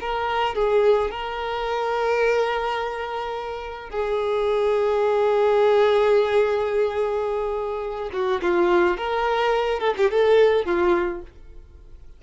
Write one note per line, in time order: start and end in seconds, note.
0.00 0.55 A#4
0.55 1.10 G#4
1.10 3.89 A#4
3.89 8.10 G#4
8.13 8.41 F#4
8.42 8.97 F4
8.97 9.80 A#4
9.80 9.94 A4
9.97 10.10 G4
10.10 10.65 A4
10.65 11.21 F4